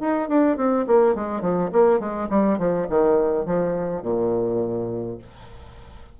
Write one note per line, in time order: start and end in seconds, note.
0.00 0.28 D#4
0.28 0.57 D4
0.57 0.85 C4
0.87 1.15 A#3
1.15 1.41 G#3
1.41 1.70 F3
1.72 2.00 A#3
2.00 2.28 G#3
2.30 2.58 G3
2.58 2.87 F3
2.89 3.46 D#3
3.46 4.03 F3
4.03 5.18 A#2